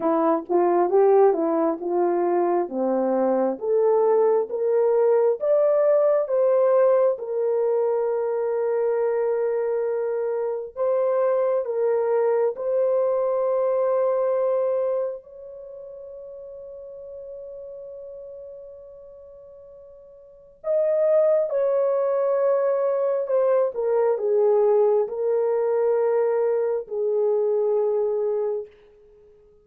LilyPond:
\new Staff \with { instrumentName = "horn" } { \time 4/4 \tempo 4 = 67 e'8 f'8 g'8 e'8 f'4 c'4 | a'4 ais'4 d''4 c''4 | ais'1 | c''4 ais'4 c''2~ |
c''4 cis''2.~ | cis''2. dis''4 | cis''2 c''8 ais'8 gis'4 | ais'2 gis'2 | }